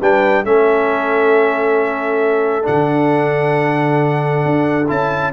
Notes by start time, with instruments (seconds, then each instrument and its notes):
0.00 tuba G3, trombone D4, horn B4, trumpet G5
0.44 tuba A3, trombone C#4, horn A4, trumpet E5
2.63 tuba D3, trombone D4, trumpet F#5
4.45 tuba D4
4.88 tuba C#4, trombone E4, trumpet A5